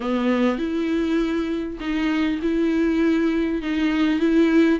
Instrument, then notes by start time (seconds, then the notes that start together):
viola
0.00 B3
0.58 E4
1.79 D#4
2.42 E4
3.62 D#4
4.19 E4